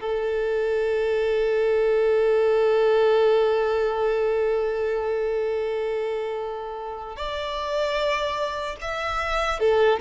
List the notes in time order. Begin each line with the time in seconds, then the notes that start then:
0.00 A4
7.16 D5
8.81 E5
9.59 A4